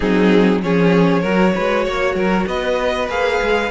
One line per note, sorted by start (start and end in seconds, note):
0.00 0.62 F#3
0.00 0.61 C4
0.00 0.62 D#4
0.00 0.61 G#4
0.62 1.23 F3
0.62 1.22 C#4
0.62 1.21 G#4
0.62 2.47 C#5
1.21 1.54 F#3
1.21 3.08 F#4
1.21 1.52 A#4
1.54 1.87 G#3
1.54 1.84 B4
1.84 2.14 A#3
1.84 2.15 C#5
2.14 2.45 F#3
2.14 2.46 A#4
2.47 3.08 B3
2.47 3.71 B4
2.47 3.09 D#5
3.08 3.39 A#3
3.08 3.70 G#4
3.08 3.71 F5
3.41 3.71 G#3